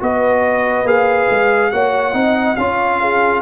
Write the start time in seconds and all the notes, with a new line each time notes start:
0.00 B3 F#4 B4 D#5
0.84 A#3 G#4 F5
1.30 G#3
1.72 A#3 F#4 C#5 F#5
2.13 C4 D#4 D#5
2.56 C#4 F4 C#5 F5
3.01 G#4